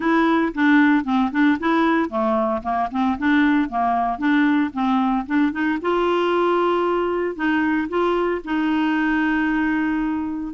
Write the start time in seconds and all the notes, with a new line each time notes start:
0.00 E4
0.54 D4
1.04 C4
1.31 D4
1.59 E4
2.09 A3
2.62 A#3
2.91 C4
3.18 D4
3.69 A#3
4.18 D4
4.73 C4
5.26 D4
5.51 D#4
5.81 F4
7.35 D#4
7.88 F4
8.44 D#4